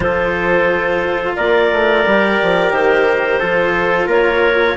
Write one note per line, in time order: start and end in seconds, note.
0.00 1.35 F3
0.00 2.04 F4
0.00 1.36 A4
0.00 1.36 C5
1.36 1.71 A#3
1.36 3.39 A#4
1.36 2.71 D5
1.72 2.06 A3
2.05 2.40 G3
2.05 3.40 G4
2.42 2.71 F3
2.71 3.39 D#3
2.71 4.08 C5
3.39 4.06 F3
3.39 4.77 F4
3.39 4.06 A4
4.06 4.74 A#3
4.06 4.75 A#4
4.06 4.77 C#5